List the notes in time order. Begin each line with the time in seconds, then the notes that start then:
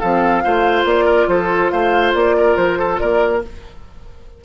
0.00 F3 C4 A4 F5
0.44 A3 F4 C5
0.84 A#3 D5
1.05 A#4
1.28 F3 A4 C5
1.71 A3 C5 F5
2.14 A#3 D5
2.37 A#4
2.56 F3 C5
2.79 A4
2.99 A#3 A#4 D5